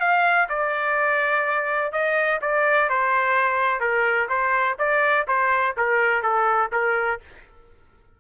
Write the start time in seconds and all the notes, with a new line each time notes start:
0.00 F5
0.49 D5
1.92 D#5
2.41 D5
2.89 C5
3.80 A#4
4.29 C5
4.79 D5
5.27 C5
5.77 A#4
6.23 A4
6.72 A#4